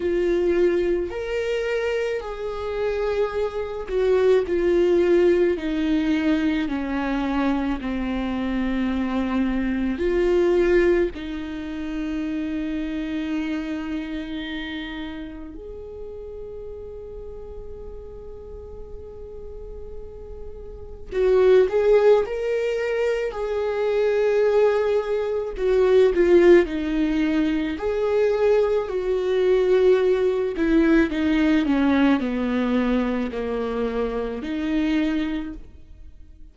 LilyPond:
\new Staff \with { instrumentName = "viola" } { \time 4/4 \tempo 4 = 54 f'4 ais'4 gis'4. fis'8 | f'4 dis'4 cis'4 c'4~ | c'4 f'4 dis'2~ | dis'2 gis'2~ |
gis'2. fis'8 gis'8 | ais'4 gis'2 fis'8 f'8 | dis'4 gis'4 fis'4. e'8 | dis'8 cis'8 b4 ais4 dis'4 | }